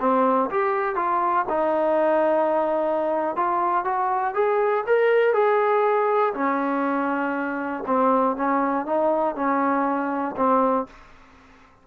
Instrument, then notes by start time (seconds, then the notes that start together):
trombone
0.00 C4
0.50 G4
0.95 F4
1.49 D#4
3.36 F4
3.85 F#4
4.34 G#4
4.87 A#4
5.33 G#4
6.34 C#4
7.87 C4
8.36 C#4
8.86 D#4
9.35 C#4
10.37 C4